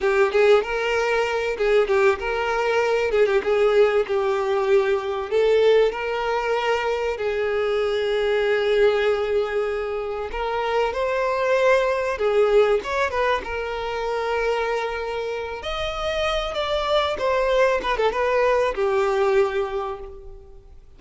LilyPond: \new Staff \with { instrumentName = "violin" } { \time 4/4 \tempo 4 = 96 g'8 gis'8 ais'4. gis'8 g'8 ais'8~ | ais'4 gis'16 g'16 gis'4 g'4.~ | g'8 a'4 ais'2 gis'8~ | gis'1~ |
gis'8 ais'4 c''2 gis'8~ | gis'8 cis''8 b'8 ais'2~ ais'8~ | ais'4 dis''4. d''4 c''8~ | c''8 b'16 a'16 b'4 g'2 | }